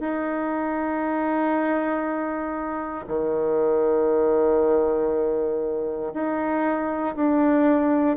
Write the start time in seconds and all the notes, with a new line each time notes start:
0.00 D#4
3.07 D#3
6.13 D#4
7.15 D4